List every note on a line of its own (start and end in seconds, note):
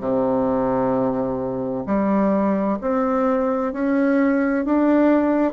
0.00 1.85 C3
1.87 2.79 G3
2.82 3.73 C4
3.73 4.65 C#4
4.66 5.53 D4